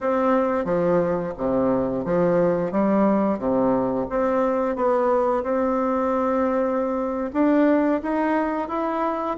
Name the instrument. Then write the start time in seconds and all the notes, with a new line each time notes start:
bassoon
0.00 C4
0.64 F3
1.37 C3
2.04 F3
2.71 G3
3.38 C3
4.09 C4
4.75 B3
5.43 C4
7.33 D4
8.02 D#4
8.68 E4